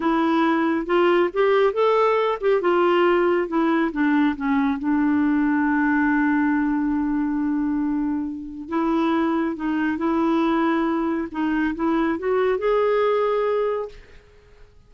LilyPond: \new Staff \with { instrumentName = "clarinet" } { \time 4/4 \tempo 4 = 138 e'2 f'4 g'4 | a'4. g'8 f'2 | e'4 d'4 cis'4 d'4~ | d'1~ |
d'1 | e'2 dis'4 e'4~ | e'2 dis'4 e'4 | fis'4 gis'2. | }